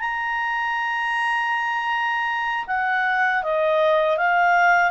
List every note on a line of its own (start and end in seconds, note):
0.00 2.66 A#5
2.67 3.43 F#5
3.43 4.18 D#5
4.18 4.91 F5